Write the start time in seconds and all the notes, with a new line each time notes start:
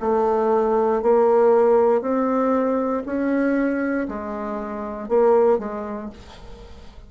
0.00 A3
1.02 A#3
2.01 C4
3.05 C#4
4.08 G#3
5.08 A#3
5.58 G#3